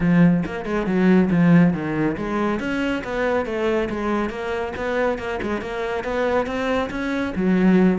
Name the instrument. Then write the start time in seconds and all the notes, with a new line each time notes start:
cello
0.00 F3
0.45 A#3
0.65 G#3
0.86 F#3
1.30 F3
1.73 D#3
2.17 G#3
2.59 C#4
3.03 B3
3.45 A3
3.89 G#3
4.29 A#3
4.76 B3
5.18 A#3
5.42 G#3
5.61 A#3
6.04 B3
6.46 C4
6.90 C#4
7.35 F#3